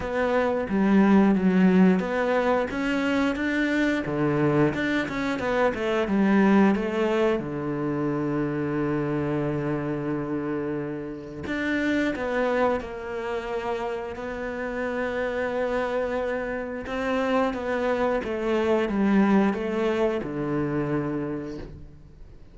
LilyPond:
\new Staff \with { instrumentName = "cello" } { \time 4/4 \tempo 4 = 89 b4 g4 fis4 b4 | cis'4 d'4 d4 d'8 cis'8 | b8 a8 g4 a4 d4~ | d1~ |
d4 d'4 b4 ais4~ | ais4 b2.~ | b4 c'4 b4 a4 | g4 a4 d2 | }